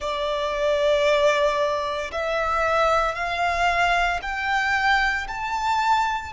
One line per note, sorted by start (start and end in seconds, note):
0.00 2.11 D5
2.11 3.14 E5
3.14 4.20 F5
4.22 5.27 G5
5.27 6.33 A5